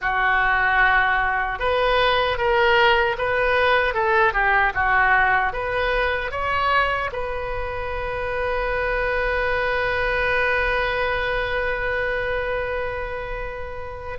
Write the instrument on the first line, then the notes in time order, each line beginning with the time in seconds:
oboe
0.01 F#4
1.59 B4
2.37 A#4
3.18 B4
3.94 A4
4.33 G4
4.74 F#4
5.52 B4
6.31 C#5
7.12 B4